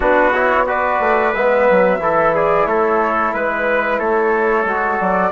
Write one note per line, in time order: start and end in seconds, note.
0.00 0.99 B3
0.00 0.32 D4
0.00 0.67 F#4
0.00 0.33 B4
0.33 0.66 E4
0.33 0.67 C#5
0.66 1.33 F#4
0.66 2.01 B4
0.66 1.33 D5
0.99 1.33 A3
1.33 1.68 G#3
1.33 2.00 B3
1.33 2.33 E5
1.69 1.99 F#3
1.99 2.66 E3
1.99 4.66 E4
1.99 2.34 A4
2.34 2.68 G#4
2.34 2.66 D5
2.66 3.32 A3
2.66 3.34 A4
2.66 3.33 C#5
3.33 3.99 G#3
3.33 3.99 B4
3.99 4.65 A3
3.99 5.31 A4
3.99 4.99 C#5
4.65 4.98 G#3
4.65 5.31 F#4
5.00 5.31 F#3
5.00 5.31 D5